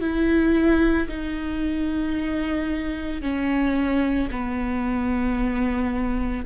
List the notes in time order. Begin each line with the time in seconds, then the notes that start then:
0.00 E4
1.08 D#4
3.21 C#4
4.31 B3